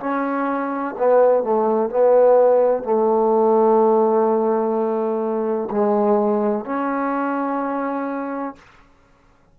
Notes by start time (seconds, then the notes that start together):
0.00 C#4
0.98 B3
1.43 A3
1.90 B3
2.84 A3
5.71 G#3
6.65 C#4